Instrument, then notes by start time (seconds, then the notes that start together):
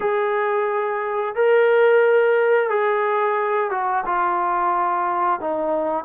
trombone
0.00 G#4
1.35 A#4
2.69 G#4
3.70 F#4
4.05 F4
5.40 D#4